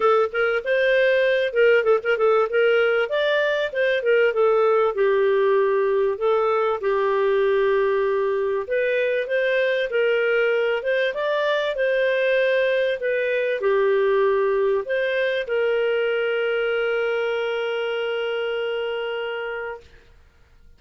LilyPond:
\new Staff \with { instrumentName = "clarinet" } { \time 4/4 \tempo 4 = 97 a'8 ais'8 c''4. ais'8 a'16 ais'16 a'8 | ais'4 d''4 c''8 ais'8 a'4 | g'2 a'4 g'4~ | g'2 b'4 c''4 |
ais'4. c''8 d''4 c''4~ | c''4 b'4 g'2 | c''4 ais'2.~ | ais'1 | }